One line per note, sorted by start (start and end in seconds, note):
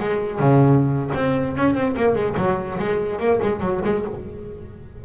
0.00 0.40 G#3
0.40 1.12 C#3
1.15 1.56 C4
1.57 1.75 C#4
1.75 1.96 C4
1.97 2.15 A#3
2.15 2.36 G#3
2.37 2.79 F#3
2.79 3.20 G#3
3.20 3.40 A#3
3.43 3.60 G#3
3.60 3.81 F#3
3.85 4.06 G#3